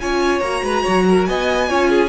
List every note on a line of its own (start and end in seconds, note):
0.00 0.41 C#4
0.00 0.44 F4
0.00 0.65 C#5
0.00 0.40 G#5
0.40 0.62 A#3
0.40 1.69 F#4
0.40 1.25 A#5
0.64 0.85 G#3
0.64 0.83 B4
0.83 1.29 F#3
0.83 1.04 C#5
1.10 1.29 A#4
1.26 1.70 B3
1.26 1.69 D#5
1.26 2.09 G#5
1.69 2.09 C#4
1.69 2.09 F4
1.69 1.90 C#5
1.90 2.09 G#4